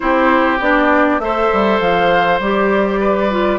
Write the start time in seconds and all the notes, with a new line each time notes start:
0.00 C4 E4 G4 C5
0.60 B3 D4 D5
1.19 A3 A4 C5 E5
1.53 G3
1.80 F3 F5
2.39 G3 G4 D5
3.00 B4
3.30 F4